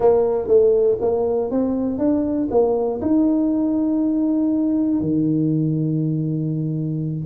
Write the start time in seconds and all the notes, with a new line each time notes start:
0.00 A#3
0.47 A3
1.00 A#3
1.50 C4
1.98 D4
2.50 A#3
3.01 D#4
5.00 D#3